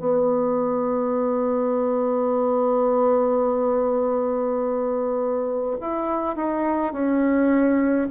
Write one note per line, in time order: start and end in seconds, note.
0.00 5.77 B3
5.81 6.36 E4
6.36 6.93 D#4
6.93 8.08 C#4